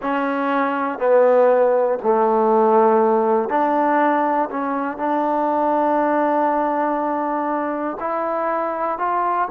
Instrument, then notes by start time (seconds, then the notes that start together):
trombone
0.02 C#4
0.99 B3
2.03 A3
3.49 D4
4.50 C#4
4.97 D4
8.00 E4
8.98 F4